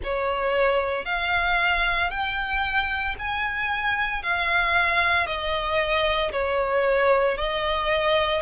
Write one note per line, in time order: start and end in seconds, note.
0.03 1.05 C#5
1.05 2.10 F5
2.10 3.15 G5
3.19 4.22 G#5
4.22 5.26 F5
5.26 6.31 D#5
6.32 7.37 C#5
7.37 8.41 D#5